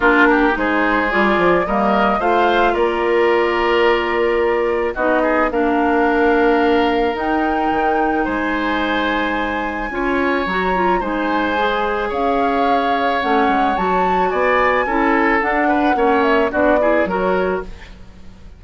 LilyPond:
<<
  \new Staff \with { instrumentName = "flute" } { \time 4/4 \tempo 4 = 109 ais'4 c''4 d''4 dis''4 | f''4 d''2.~ | d''4 dis''4 f''2~ | f''4 g''2 gis''4~ |
gis''2. ais''4 | gis''2 f''2 | fis''4 a''4 gis''2 | fis''4. e''8 d''4 cis''4 | }
  \new Staff \with { instrumentName = "oboe" } { \time 4/4 f'8 g'8 gis'2 ais'4 | c''4 ais'2.~ | ais'4 fis'8 gis'8 ais'2~ | ais'2. c''4~ |
c''2 cis''2 | c''2 cis''2~ | cis''2 d''4 a'4~ | a'8 b'8 cis''4 fis'8 gis'8 ais'4 | }
  \new Staff \with { instrumentName = "clarinet" } { \time 4/4 d'4 dis'4 f'4 ais4 | f'1~ | f'4 dis'4 d'2~ | d'4 dis'2.~ |
dis'2 f'4 fis'8 f'8 | dis'4 gis'2. | cis'4 fis'2 e'4 | d'4 cis'4 d'8 e'8 fis'4 | }
  \new Staff \with { instrumentName = "bassoon" } { \time 4/4 ais4 gis4 g8 f8 g4 | a4 ais2.~ | ais4 b4 ais2~ | ais4 dis'4 dis4 gis4~ |
gis2 cis'4 fis4 | gis2 cis'2 | a8 gis8 fis4 b4 cis'4 | d'4 ais4 b4 fis4 | }
>>